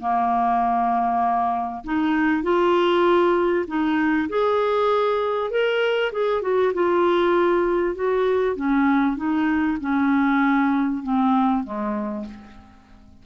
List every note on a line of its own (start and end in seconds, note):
0.00 1.84 A#3
1.84 2.43 D#4
2.43 3.65 F4
3.67 4.29 D#4
4.29 5.50 G#4
5.50 6.12 A#4
6.12 6.42 G#4
6.42 6.72 F#4
6.73 7.95 F4
7.95 8.56 F#4
8.56 9.17 C#4
9.17 9.78 D#4
9.80 11.03 C#4
11.03 11.64 C4
11.64 12.25 G#3